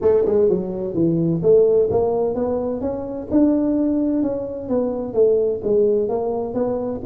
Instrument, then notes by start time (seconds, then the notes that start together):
tuba
0.01 A3
0.25 G#3
0.49 F#3
0.94 E3
1.42 A3
1.90 A#3
2.34 B3
2.80 C#4
3.30 D4
4.22 C#4
4.68 B3
5.13 A3
5.63 G#3
6.08 A#3
6.53 B3